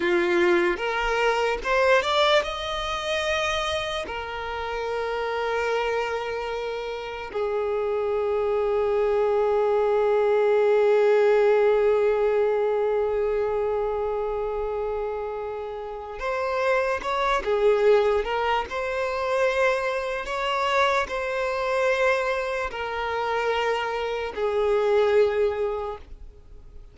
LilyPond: \new Staff \with { instrumentName = "violin" } { \time 4/4 \tempo 4 = 74 f'4 ais'4 c''8 d''8 dis''4~ | dis''4 ais'2.~ | ais'4 gis'2.~ | gis'1~ |
gis'1 | c''4 cis''8 gis'4 ais'8 c''4~ | c''4 cis''4 c''2 | ais'2 gis'2 | }